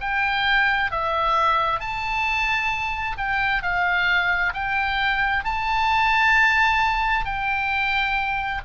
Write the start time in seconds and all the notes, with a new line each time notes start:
0.00 G5
0.91 E5
1.80 A5
3.17 G5
3.62 F5
4.53 G5
5.44 A5
7.25 G5